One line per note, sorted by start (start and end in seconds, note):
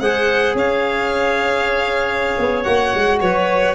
0.00 0.55 G#3
0.00 2.65 G#4
0.00 0.56 C5
0.00 0.56 F#5
0.55 2.35 C#4
0.55 3.19 C#5
0.55 2.63 F5
2.38 2.66 B3
2.63 2.94 A#3
2.63 3.75 F#4
2.63 3.19 F#5
2.95 3.21 G#3
3.21 3.75 F#3
3.21 3.75 B4
3.21 3.75 C#5